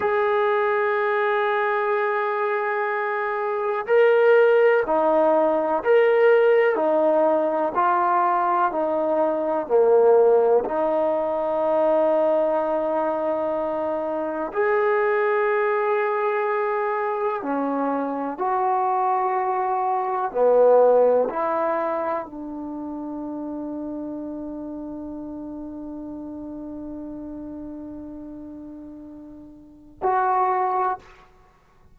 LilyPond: \new Staff \with { instrumentName = "trombone" } { \time 4/4 \tempo 4 = 62 gis'1 | ais'4 dis'4 ais'4 dis'4 | f'4 dis'4 ais4 dis'4~ | dis'2. gis'4~ |
gis'2 cis'4 fis'4~ | fis'4 b4 e'4 d'4~ | d'1~ | d'2. fis'4 | }